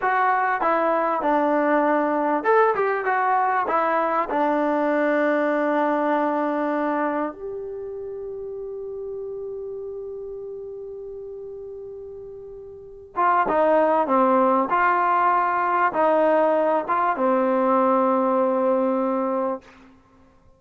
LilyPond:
\new Staff \with { instrumentName = "trombone" } { \time 4/4 \tempo 4 = 98 fis'4 e'4 d'2 | a'8 g'8 fis'4 e'4 d'4~ | d'1 | g'1~ |
g'1~ | g'4. f'8 dis'4 c'4 | f'2 dis'4. f'8 | c'1 | }